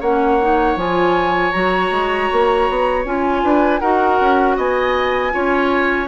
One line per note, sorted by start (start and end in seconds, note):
0.00 0.76 A#3
0.00 0.41 C#4
0.00 3.42 C#5
0.00 0.78 F#5
0.41 0.77 D#4
0.76 1.52 F3
0.76 1.52 F4
0.76 1.51 G#5
1.51 1.91 F#3
1.51 3.04 F#4
1.51 3.03 A#5
1.91 2.29 G#3
2.32 2.69 A#3
2.69 3.05 B3
3.05 3.43 C#4
3.05 3.81 F4
3.05 3.79 G#5
3.43 3.81 D4
3.43 3.81 B4
3.79 4.20 D#4
3.79 5.31 F#4
3.79 4.56 A#4
3.79 4.55 F#5
4.20 4.57 C#4
4.56 5.33 B3
4.56 5.32 D#5
4.56 6.07 G#5
5.31 6.07 C#4
5.31 6.07 F4
5.31 6.07 C#5